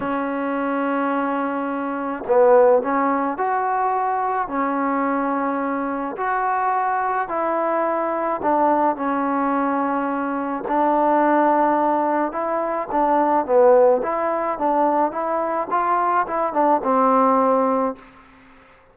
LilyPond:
\new Staff \with { instrumentName = "trombone" } { \time 4/4 \tempo 4 = 107 cis'1 | b4 cis'4 fis'2 | cis'2. fis'4~ | fis'4 e'2 d'4 |
cis'2. d'4~ | d'2 e'4 d'4 | b4 e'4 d'4 e'4 | f'4 e'8 d'8 c'2 | }